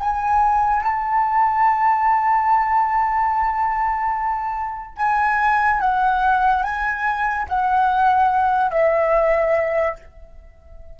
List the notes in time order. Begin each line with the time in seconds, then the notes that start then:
0.00 G#5
0.83 A5
4.97 G#5
5.80 F#5
6.63 G#5
7.48 F#5
8.70 E5